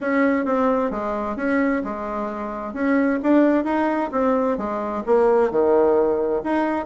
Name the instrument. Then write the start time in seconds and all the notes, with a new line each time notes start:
bassoon
0.00 C#4
0.45 C4
0.90 G#3
1.36 C#4
1.83 G#3
2.73 C#4
3.22 D4
3.64 D#4
4.11 C4
4.57 G#3
5.05 A#3
5.50 D#3
6.43 D#4